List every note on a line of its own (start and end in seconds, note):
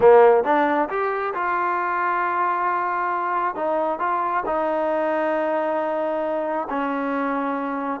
0.00 0.43 A#3
0.44 0.88 D4
0.89 1.33 G4
1.34 3.55 F4
3.55 3.99 D#4
3.99 4.43 F4
4.46 6.68 D#4
6.69 8.00 C#4